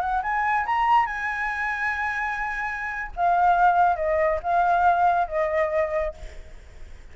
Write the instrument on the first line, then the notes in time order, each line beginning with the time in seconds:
flute
0.00 F#5
0.22 G#5
0.65 A#5
1.06 G#5
3.16 F5
3.96 D#5
4.42 F5
5.28 D#5